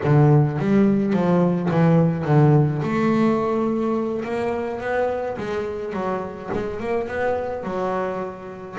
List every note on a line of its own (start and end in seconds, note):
0.04 0.59 D3
0.59 1.13 G3
1.13 1.69 F3
1.70 2.25 E3
2.25 2.81 D3
2.82 4.24 A3
4.24 4.80 A#3
4.80 5.37 B3
5.37 5.93 G#3
5.93 6.49 F#3
6.53 6.80 G#3
6.80 7.08 A#3
7.08 7.63 B3
7.63 8.76 F#3